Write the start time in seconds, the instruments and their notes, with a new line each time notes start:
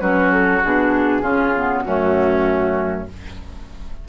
0.00 bassoon F#3, clarinet C#4, oboe F#4, flute B4
0.31 flute A4
0.63 bassoon B2, clarinet D4, flute G#4
1.21 bassoon C#3, clarinet C#4, oboe F4
1.55 clarinet B3
1.80 bassoon F#2, clarinet A3, oboe C#4, flute F#4